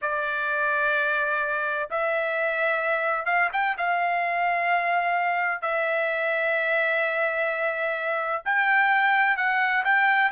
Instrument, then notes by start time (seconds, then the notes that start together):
trumpet
0.01 D5
1.90 E5
3.26 F5
3.52 G5
3.77 F5
5.61 E5
8.45 G5
9.37 F#5
9.84 G5